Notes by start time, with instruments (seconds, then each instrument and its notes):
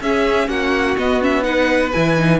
0.00 cello C#4, viola C#4, violin G#4 E5
0.48 cello A#3, violin F#4 F#5
0.97 cello B3, viola B3, violin D#5
1.22 viola C#4, violin E5
1.42 viola D#4, violin B4 F#5
1.91 cello E3, viola E4, violin G#5
2.17 viola D#4